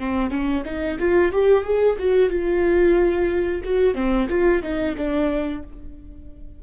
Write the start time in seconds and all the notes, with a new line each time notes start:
0.00 C4
0.31 C#4
0.66 D#4
1.00 F4
1.32 G4
1.64 G#4
1.99 F#4
2.30 F4
3.64 F#4
3.95 C4
4.30 F4
4.63 D#4
4.97 D4